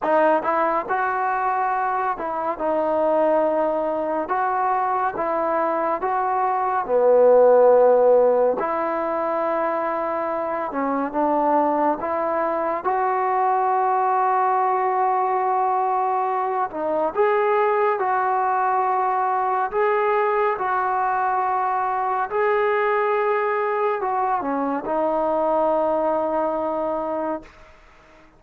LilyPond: \new Staff \with { instrumentName = "trombone" } { \time 4/4 \tempo 4 = 70 dis'8 e'8 fis'4. e'8 dis'4~ | dis'4 fis'4 e'4 fis'4 | b2 e'2~ | e'8 cis'8 d'4 e'4 fis'4~ |
fis'2.~ fis'8 dis'8 | gis'4 fis'2 gis'4 | fis'2 gis'2 | fis'8 cis'8 dis'2. | }